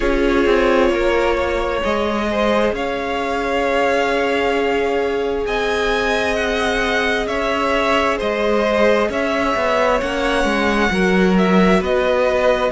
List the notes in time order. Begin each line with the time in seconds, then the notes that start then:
0.00 C#4 F4 G#4 C#5
0.45 C4
0.90 A#3 A#4
1.34 C#5
1.81 G#3 G#4 D#5
2.30 C5
2.72 C#4 C#5 F5
5.45 C4 D#5 G#5
6.35 F#5
7.26 C#4 C#5 E5
8.17 G#3 C5 D#5
9.09 C#4 C#5 E5
9.55 B3
9.99 A#3 C#4 F#5
10.44 G#3
10.90 F#3 F#4 A#4
11.37 E5
11.80 B3 B4 D#5